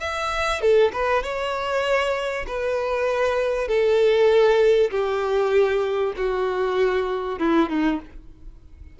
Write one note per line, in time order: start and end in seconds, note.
0.00 0.61 E5
0.61 0.92 A4
0.93 1.23 B4
1.23 2.46 C#5
2.47 3.68 B4
3.68 4.90 A4
4.91 6.13 G4
6.17 7.39 F#4
7.39 7.69 E4
7.69 8.00 D#4